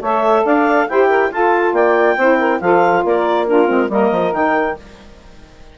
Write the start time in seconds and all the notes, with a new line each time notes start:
0.00 A3 A4 C#5 E5
0.45 D4 D5 F5
0.89 E4 G4 C5 G5
1.09 A#4
1.31 F4 A4 A5
1.73 A#3 D5 G5
2.17 C4 E4 C5
2.39 A#4
2.61 F3 F4 A4 F5
3.04 A#3 A#4 D5
3.47 D4 F4 A#4
3.68 G#3 C4
3.89 G3 A#3 A#4 D#5
4.12 F3
4.32 D#3 D#4 G5